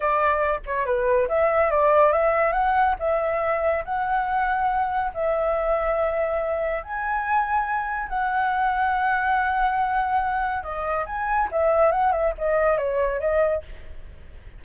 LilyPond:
\new Staff \with { instrumentName = "flute" } { \time 4/4 \tempo 4 = 141 d''4. cis''8 b'4 e''4 | d''4 e''4 fis''4 e''4~ | e''4 fis''2. | e''1 |
gis''2. fis''4~ | fis''1~ | fis''4 dis''4 gis''4 e''4 | fis''8 e''8 dis''4 cis''4 dis''4 | }